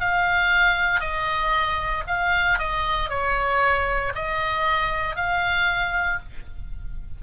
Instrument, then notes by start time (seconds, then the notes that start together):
oboe
0.00 F5
1.00 D#5
2.07 F5
2.59 D#5
3.09 C#5
4.15 D#5
5.16 F5